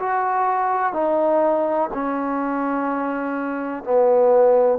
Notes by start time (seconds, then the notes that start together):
0.00 F#4
0.94 D#4
1.94 C#4
3.84 B3